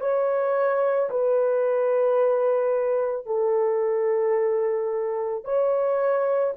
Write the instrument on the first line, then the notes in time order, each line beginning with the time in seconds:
horn
0.00 C#5
1.10 B4
3.26 A4
5.44 C#5